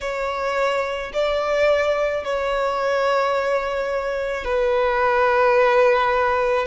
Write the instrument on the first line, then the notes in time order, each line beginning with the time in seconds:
violin
0.01 C#5
1.13 D5
2.24 C#5
4.44 B4